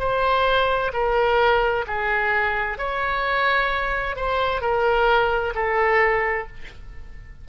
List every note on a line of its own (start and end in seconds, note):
0.00 0.92 C5
0.94 1.86 A#4
1.88 2.79 G#4
2.79 4.17 C#5
4.17 4.62 C5
4.62 5.54 A#4
5.55 6.47 A4